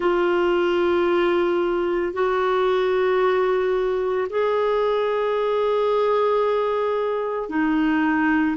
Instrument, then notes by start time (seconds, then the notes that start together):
clarinet
0.00 F4
2.13 F#4
4.29 G#4
7.49 D#4